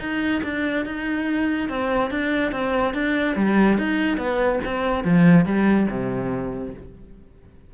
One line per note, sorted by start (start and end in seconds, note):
0.00 0.42 D#4
0.44 0.86 D4
0.86 1.69 D#4
1.69 2.11 C4
2.11 2.52 D4
2.52 2.94 C4
2.94 3.36 D4
3.36 3.78 G3
3.78 4.18 D#4
4.18 4.60 B3
4.65 5.04 C4
5.04 5.46 F3
5.46 5.88 G3
5.90 6.74 C3